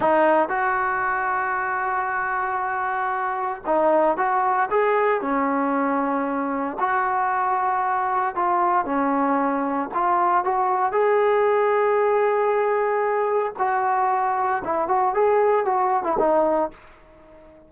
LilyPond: \new Staff \with { instrumentName = "trombone" } { \time 4/4 \tempo 4 = 115 dis'4 fis'2.~ | fis'2. dis'4 | fis'4 gis'4 cis'2~ | cis'4 fis'2. |
f'4 cis'2 f'4 | fis'4 gis'2.~ | gis'2 fis'2 | e'8 fis'8 gis'4 fis'8. e'16 dis'4 | }